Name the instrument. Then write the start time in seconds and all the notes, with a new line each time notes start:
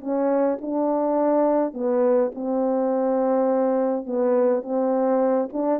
horn
0.00 C#4
0.61 D4
1.73 B3
2.34 C4
4.06 B3
4.62 C4
5.53 D4